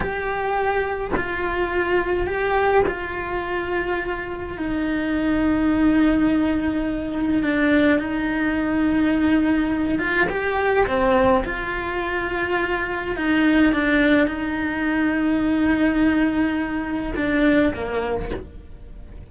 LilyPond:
\new Staff \with { instrumentName = "cello" } { \time 4/4 \tempo 4 = 105 g'2 f'2 | g'4 f'2. | dis'1~ | dis'4 d'4 dis'2~ |
dis'4. f'8 g'4 c'4 | f'2. dis'4 | d'4 dis'2.~ | dis'2 d'4 ais4 | }